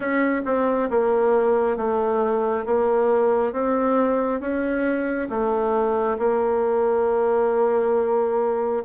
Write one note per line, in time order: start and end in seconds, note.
0.00 0.42 C#4
0.45 0.89 C4
0.89 1.76 A#3
1.76 2.65 A3
2.65 3.52 A#3
3.52 4.40 C4
4.40 5.28 C#4
5.29 6.17 A3
6.18 8.82 A#3